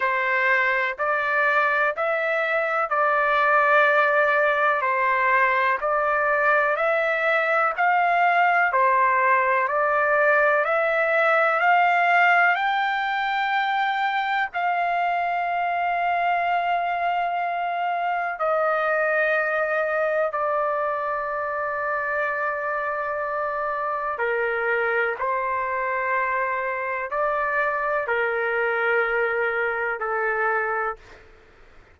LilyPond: \new Staff \with { instrumentName = "trumpet" } { \time 4/4 \tempo 4 = 62 c''4 d''4 e''4 d''4~ | d''4 c''4 d''4 e''4 | f''4 c''4 d''4 e''4 | f''4 g''2 f''4~ |
f''2. dis''4~ | dis''4 d''2.~ | d''4 ais'4 c''2 | d''4 ais'2 a'4 | }